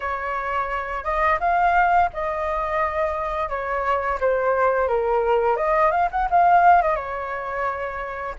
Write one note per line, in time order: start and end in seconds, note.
0.00 1.03 C#5
1.04 1.39 D#5
1.40 2.09 F5
2.13 3.49 D#5
3.49 4.19 C#5
4.20 4.87 C5
4.87 5.56 A#4
5.56 5.91 D#5
5.91 6.09 F5
6.11 6.28 F#5
6.30 6.81 F5
6.81 6.95 D#5
6.95 8.35 C#5